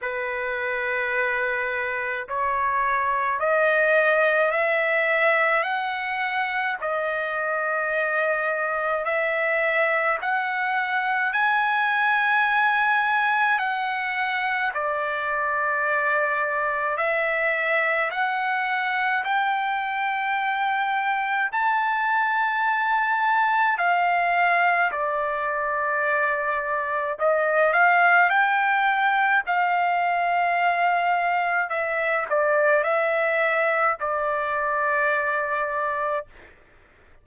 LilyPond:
\new Staff \with { instrumentName = "trumpet" } { \time 4/4 \tempo 4 = 53 b'2 cis''4 dis''4 | e''4 fis''4 dis''2 | e''4 fis''4 gis''2 | fis''4 d''2 e''4 |
fis''4 g''2 a''4~ | a''4 f''4 d''2 | dis''8 f''8 g''4 f''2 | e''8 d''8 e''4 d''2 | }